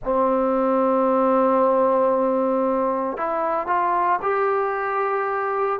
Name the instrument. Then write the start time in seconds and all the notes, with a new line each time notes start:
trombone
0.04 C4
3.17 E4
3.67 F4
4.22 G4